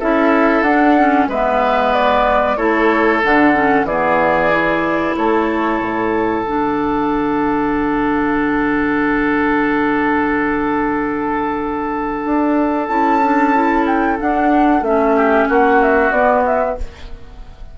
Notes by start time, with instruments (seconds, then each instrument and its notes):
0.00 bassoon C#4, clarinet E4, oboe A4, flute E5
0.62 bassoon D4, clarinet D4, flute F#5
0.99 clarinet C#4
1.28 bassoon G#3, clarinet B3, oboe B4, flute E5
1.93 flute D5
2.57 bassoon A3, clarinet E4, oboe A4, flute C#5
3.24 bassoon D3, clarinet D4, flute F#5
3.54 clarinet C#4
3.84 bassoon E3, clarinet B3, oboe G#4, flute D5
4.52 clarinet E4
5.17 bassoon A3, oboe A4, flute C#5
5.81 bassoon A2
6.44 bassoon D3, clarinet D4, flute F#5
12.25 bassoon D4
12.88 bassoon C#4, clarinet E4, flute A5
13.22 clarinet D4
13.55 clarinet E4
13.87 flute G5
14.19 clarinet D4, bassoon D4, flute F#5
14.82 bassoon A3, clarinet C#4, flute E5
15.17 oboe G4
15.49 bassoon A#3, oboe F#4, flute F#5
15.83 flute E5
16.11 bassoon B3, clarinet B3, flute D5
16.46 flute E5